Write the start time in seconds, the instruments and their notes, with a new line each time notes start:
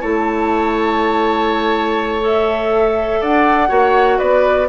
0.00 bassoon A3, clarinet E4, oboe C#5, flute A5
2.21 clarinet A4, flute E5
3.20 bassoon D4, oboe D5, flute F#5
3.68 bassoon A#3, clarinet F#4, oboe C#5
4.18 bassoon B3, oboe B4, flute D5